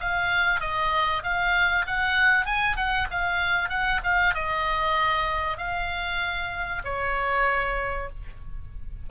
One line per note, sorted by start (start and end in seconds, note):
0.00 0.60 F5
0.60 1.23 D#5
1.23 1.86 F5
1.87 2.45 F#5
2.45 2.76 G#5
2.76 3.08 F#5
3.11 3.69 F5
3.69 4.01 F#5
4.03 4.34 F5
4.34 5.57 D#5
5.57 6.82 F5
6.84 8.09 C#5